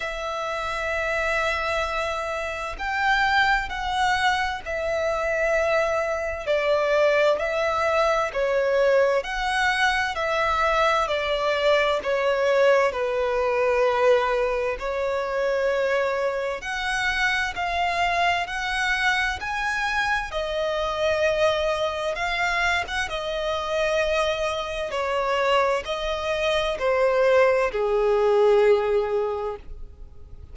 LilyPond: \new Staff \with { instrumentName = "violin" } { \time 4/4 \tempo 4 = 65 e''2. g''4 | fis''4 e''2 d''4 | e''4 cis''4 fis''4 e''4 | d''4 cis''4 b'2 |
cis''2 fis''4 f''4 | fis''4 gis''4 dis''2 | f''8. fis''16 dis''2 cis''4 | dis''4 c''4 gis'2 | }